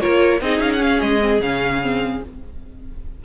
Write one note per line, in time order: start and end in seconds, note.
0.00 0.41 A#3
0.00 0.40 F4
0.00 0.41 A#4
0.00 0.40 C#5
0.41 0.59 C4
0.41 0.78 D#4
0.41 2.24 G#4
0.41 0.61 D#5
0.59 1.00 C#4
0.59 0.71 F5
0.72 1.19 C#4
0.72 0.82 F#5
0.82 1.00 F5
1.00 1.40 G#3
1.00 1.40 D#5
1.20 1.40 C4
1.40 2.20 C#3
1.40 1.82 C#4
1.40 2.22 F5
1.82 2.22 C4